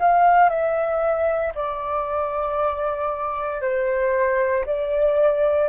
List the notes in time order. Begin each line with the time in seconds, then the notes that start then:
0.00 F5
0.50 E5
1.55 D5
3.61 C5
4.66 D5